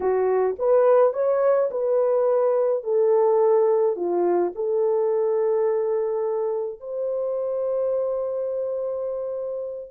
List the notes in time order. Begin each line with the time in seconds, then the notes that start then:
0.00 F#4
0.58 B4
1.13 C#5
1.70 B4
2.83 A4
3.95 F4
4.55 A4
6.80 C5